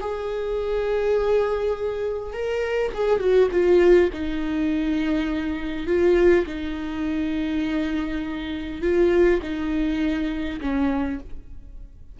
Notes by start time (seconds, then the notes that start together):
0.00 G#4
2.33 A#4
2.94 G#4
3.19 F#4
3.51 F4
4.13 D#4
5.86 F4
6.46 D#4
8.81 F4
9.42 D#4
10.60 C#4